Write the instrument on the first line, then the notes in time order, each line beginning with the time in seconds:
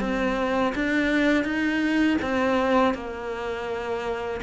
cello
0.00 C4
0.75 D4
1.44 D#4
2.22 C4
2.94 A#3